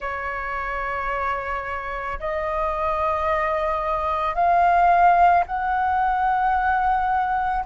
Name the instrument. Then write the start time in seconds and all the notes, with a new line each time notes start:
flute
0.00 C#5
2.19 D#5
4.34 F5
5.46 F#5